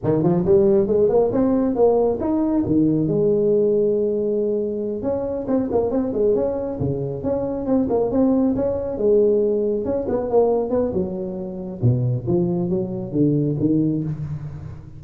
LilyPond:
\new Staff \with { instrumentName = "tuba" } { \time 4/4 \tempo 4 = 137 dis8 f8 g4 gis8 ais8 c'4 | ais4 dis'4 dis4 gis4~ | gis2.~ gis8 cis'8~ | cis'8 c'8 ais8 c'8 gis8 cis'4 cis8~ |
cis8 cis'4 c'8 ais8 c'4 cis'8~ | cis'8 gis2 cis'8 b8 ais8~ | ais8 b8 fis2 b,4 | f4 fis4 d4 dis4 | }